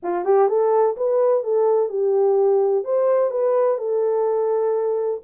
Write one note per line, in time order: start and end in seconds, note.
0.02 0.24 F4
0.24 0.48 G4
0.48 0.96 A4
0.97 1.43 B4
1.43 1.89 A4
1.89 2.84 G4
2.84 3.30 C5
3.30 3.77 B4
3.77 5.20 A4